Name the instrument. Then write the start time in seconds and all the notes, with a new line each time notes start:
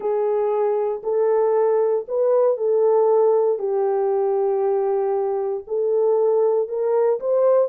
horn
0.00 G#4
1.03 A4
2.08 B4
2.57 A4
3.59 G4
5.67 A4
6.68 A#4
7.20 C5